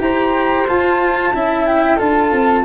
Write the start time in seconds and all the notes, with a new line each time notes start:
0.00 E4 G4 C5 A#5
0.67 F4 A5
1.34 C#4 E4 E5
1.66 G5
1.96 D4 F4 A4 A5
2.32 C4